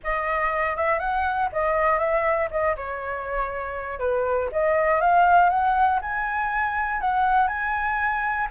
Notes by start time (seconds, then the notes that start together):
0.03 D#5
0.76 E5
0.99 F#5
1.52 D#5
1.98 E5
2.50 D#5
2.76 C#5
3.99 B4
4.52 D#5
5.00 F5
5.49 F#5
6.01 G#5
7.00 F#5
7.47 G#5